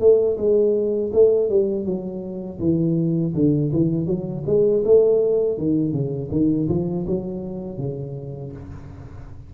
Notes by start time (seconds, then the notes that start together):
0.00 A3
0.37 G#3
1.13 A3
1.49 G3
1.85 F#3
2.59 E3
3.35 D3
3.73 E3
4.06 F#3
4.46 G#3
4.85 A3
5.58 D#3
5.92 C#3
6.31 D#3
6.69 F3
7.07 F#3
7.78 C#3